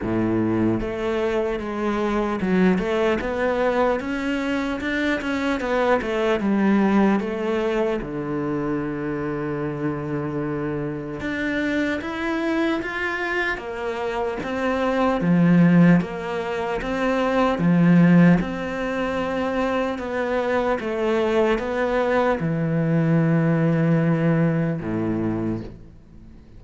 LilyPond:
\new Staff \with { instrumentName = "cello" } { \time 4/4 \tempo 4 = 75 a,4 a4 gis4 fis8 a8 | b4 cis'4 d'8 cis'8 b8 a8 | g4 a4 d2~ | d2 d'4 e'4 |
f'4 ais4 c'4 f4 | ais4 c'4 f4 c'4~ | c'4 b4 a4 b4 | e2. a,4 | }